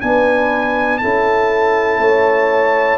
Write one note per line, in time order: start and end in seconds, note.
0.00 1.02 B3
0.00 1.00 D4
0.00 1.01 B4
0.00 0.97 G#5
0.97 1.98 C#4
0.97 2.98 E4
0.97 2.00 A4
0.97 2.98 A5
1.98 2.98 A3
1.98 2.98 C#5